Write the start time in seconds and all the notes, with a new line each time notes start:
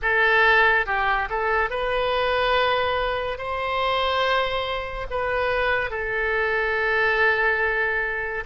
0.02 A4
0.86 G4
1.29 A4
1.69 B4
3.38 C5
5.10 B4
5.90 A4